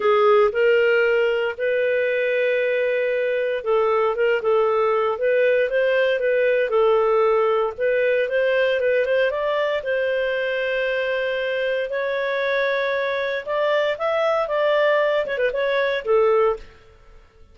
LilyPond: \new Staff \with { instrumentName = "clarinet" } { \time 4/4 \tempo 4 = 116 gis'4 ais'2 b'4~ | b'2. a'4 | ais'8 a'4. b'4 c''4 | b'4 a'2 b'4 |
c''4 b'8 c''8 d''4 c''4~ | c''2. cis''4~ | cis''2 d''4 e''4 | d''4. cis''16 b'16 cis''4 a'4 | }